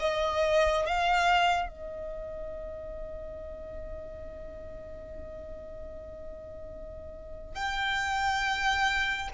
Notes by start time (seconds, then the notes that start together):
0.00 D#5
0.86 F5
1.69 D#5
7.55 G5